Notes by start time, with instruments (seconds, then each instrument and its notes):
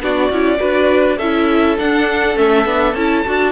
0.00 cello B3, viola D4, violin F#4 D5
0.30 cello C#4, viola E4
0.58 cello D4, viola F#4, violin B4
1.17 cello C#4, viola E4, violin A4 E5
1.77 viola D4, cello D4, violin F#5
2.35 cello A3, viola C#4, violin E5
2.65 cello B3, viola D4
2.94 cello C#4, viola E4, violin A5
3.25 cello D4, viola F#4